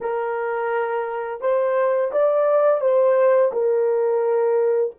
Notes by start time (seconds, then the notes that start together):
0.01 A#4
1.40 C5
2.11 D5
2.80 C5
3.52 A#4